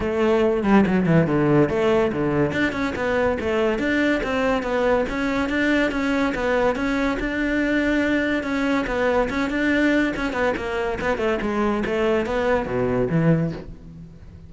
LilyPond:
\new Staff \with { instrumentName = "cello" } { \time 4/4 \tempo 4 = 142 a4. g8 fis8 e8 d4 | a4 d4 d'8 cis'8 b4 | a4 d'4 c'4 b4 | cis'4 d'4 cis'4 b4 |
cis'4 d'2. | cis'4 b4 cis'8 d'4. | cis'8 b8 ais4 b8 a8 gis4 | a4 b4 b,4 e4 | }